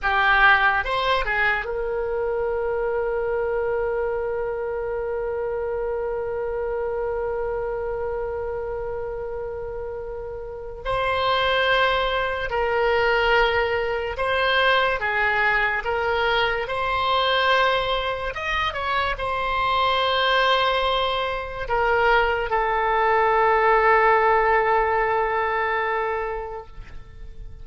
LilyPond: \new Staff \with { instrumentName = "oboe" } { \time 4/4 \tempo 4 = 72 g'4 c''8 gis'8 ais'2~ | ais'1~ | ais'1~ | ais'4 c''2 ais'4~ |
ais'4 c''4 gis'4 ais'4 | c''2 dis''8 cis''8 c''4~ | c''2 ais'4 a'4~ | a'1 | }